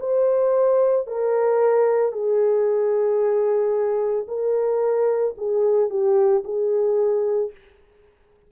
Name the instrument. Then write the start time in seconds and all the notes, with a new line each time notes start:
horn
0.00 C5
1.07 A#4
2.12 G#4
4.28 A#4
5.37 G#4
5.90 G4
6.44 G#4